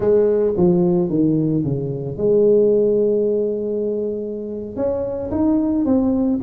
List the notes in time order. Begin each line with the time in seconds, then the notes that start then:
0.00 G#3
0.57 F3
1.09 D#3
1.63 C#3
2.17 G#3
4.76 C#4
5.30 D#4
5.85 C4